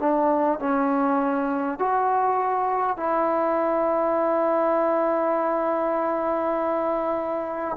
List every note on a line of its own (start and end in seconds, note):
0.00 0.59 D4
0.59 1.79 C#4
1.79 2.97 F#4
2.97 7.77 E4